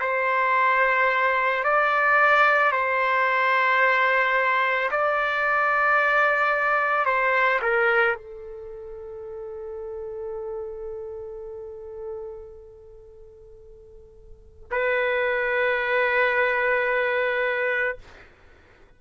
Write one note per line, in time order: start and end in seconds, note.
0.00 1.64 C5
1.64 2.72 D5
2.72 4.90 C5
4.91 7.05 D5
7.05 7.60 C5
7.62 8.15 A#4
8.15 14.69 A4
14.71 17.98 B4